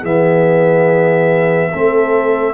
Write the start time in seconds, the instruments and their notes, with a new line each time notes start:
0.00 tuba E3, trombone B3, horn G#4, trumpet E5
1.72 tuba A3, trombone C4, horn A4